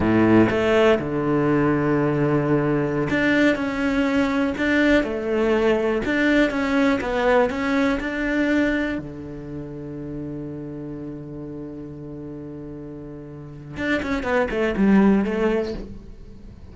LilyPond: \new Staff \with { instrumentName = "cello" } { \time 4/4 \tempo 4 = 122 a,4 a4 d2~ | d2~ d16 d'4 cis'8.~ | cis'4~ cis'16 d'4 a4.~ a16~ | a16 d'4 cis'4 b4 cis'8.~ |
cis'16 d'2 d4.~ d16~ | d1~ | d1 | d'8 cis'8 b8 a8 g4 a4 | }